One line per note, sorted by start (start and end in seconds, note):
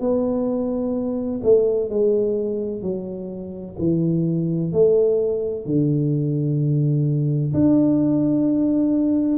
0.00 1.41 B3
1.43 1.89 A3
1.89 2.82 G#3
2.82 3.75 F#3
3.78 4.72 E3
4.72 5.65 A3
5.65 7.53 D3
7.53 9.38 D4